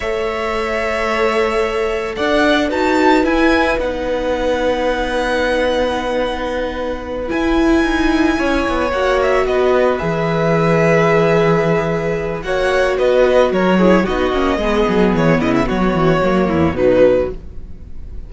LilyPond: <<
  \new Staff \with { instrumentName = "violin" } { \time 4/4 \tempo 4 = 111 e''1 | fis''4 a''4 gis''4 fis''4~ | fis''1~ | fis''4. gis''2~ gis''8~ |
gis''8 fis''8 e''8 dis''4 e''4.~ | e''2. fis''4 | dis''4 cis''4 dis''2 | cis''8 dis''16 e''16 cis''2 b'4 | }
  \new Staff \with { instrumentName = "violin" } { \time 4/4 cis''1 | d''4 b'2.~ | b'1~ | b'2.~ b'8 cis''8~ |
cis''4. b'2~ b'8~ | b'2. cis''4 | b'4 ais'8 gis'8 fis'4 gis'4~ | gis'8 e'8 fis'4. e'8 dis'4 | }
  \new Staff \with { instrumentName = "viola" } { \time 4/4 a'1~ | a'4 fis'4 e'4 dis'4~ | dis'1~ | dis'4. e'2~ e'8~ |
e'8 fis'2 gis'4.~ | gis'2. fis'4~ | fis'4. e'8 dis'8 cis'8 b4~ | b2 ais4 fis4 | }
  \new Staff \with { instrumentName = "cello" } { \time 4/4 a1 | d'4 dis'4 e'4 b4~ | b1~ | b4. e'4 dis'4 cis'8 |
b8 ais4 b4 e4.~ | e2. ais4 | b4 fis4 b8 ais8 gis8 fis8 | e8 cis8 fis8 e8 fis8 e,8 b,4 | }
>>